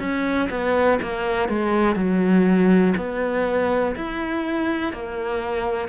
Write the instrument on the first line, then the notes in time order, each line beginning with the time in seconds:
cello
0.00 C#4
0.51 B3
1.02 A#3
1.49 G#3
1.96 F#3
2.97 B3
3.96 E4
4.93 A#3